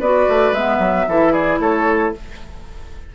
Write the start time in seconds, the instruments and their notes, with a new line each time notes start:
0.00 bassoon B3, clarinet F#4, oboe B4, flute D5
0.29 bassoon A3
0.52 bassoon G#3, clarinet B3, flute E5
0.79 bassoon F#3
1.08 bassoon E3, clarinet E4, oboe A4
1.33 oboe G#4, flute D5
1.60 bassoon A3, oboe A4, flute C#5